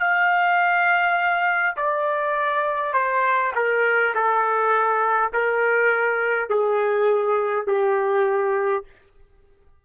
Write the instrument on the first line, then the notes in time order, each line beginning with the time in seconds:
trumpet
0.00 F5
1.77 D5
2.94 C5
3.56 A#4
4.15 A4
5.33 A#4
6.50 G#4
7.67 G4